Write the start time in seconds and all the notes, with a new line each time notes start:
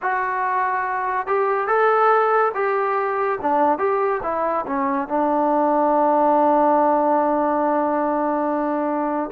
0.02 F#4
1.26 G4
1.67 A4
2.54 G4
3.41 D4
3.78 G4
4.23 E4
4.66 C#4
5.07 D4